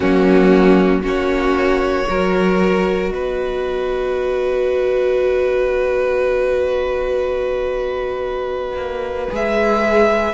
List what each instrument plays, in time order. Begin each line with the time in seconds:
0.00 cello F#3, viola A#3, violin C#4 F#4
1.02 cello A#3, viola C#4, violin F#4 C#5
2.06 cello F#3, viola F#4, violin A#4
3.08 cello B3, violin B4 D#5
8.76 cello A#3
9.30 cello G#3, viola G#4, violin E5